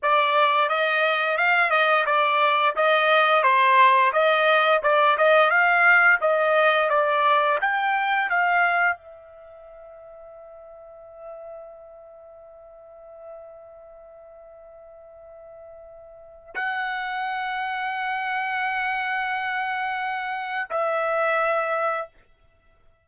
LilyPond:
\new Staff \with { instrumentName = "trumpet" } { \time 4/4 \tempo 4 = 87 d''4 dis''4 f''8 dis''8 d''4 | dis''4 c''4 dis''4 d''8 dis''8 | f''4 dis''4 d''4 g''4 | f''4 e''2.~ |
e''1~ | e''1 | fis''1~ | fis''2 e''2 | }